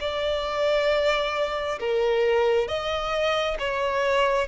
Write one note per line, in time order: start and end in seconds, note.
0.00 1.79 D5
1.80 2.68 A#4
2.68 3.57 D#5
3.59 4.47 C#5